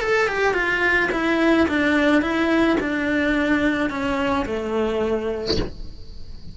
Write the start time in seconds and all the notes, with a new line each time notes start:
0.00 A4
0.28 G4
0.54 F4
1.11 E4
1.68 D4
2.21 E4
2.80 D4
3.90 C#4
4.45 A3